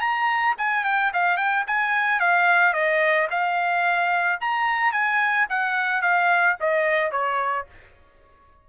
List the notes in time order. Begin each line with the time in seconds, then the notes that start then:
0.00 A#5
0.58 G#5
0.84 G5
1.13 F5
1.37 G5
1.67 G#5
2.20 F5
2.73 D#5
3.30 F5
4.40 A#5
4.92 G#5
5.49 F#5
6.02 F5
6.60 D#5
7.11 C#5